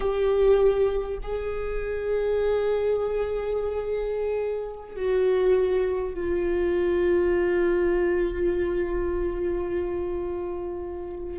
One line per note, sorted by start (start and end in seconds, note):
0.00 1.18 G4
1.22 4.96 G#4
4.96 6.14 F#4
6.14 11.39 F4